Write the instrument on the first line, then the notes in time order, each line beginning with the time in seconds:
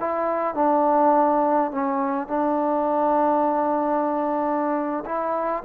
trombone
0.00 E4
0.55 D4
1.71 C#4
2.27 D4
5.05 E4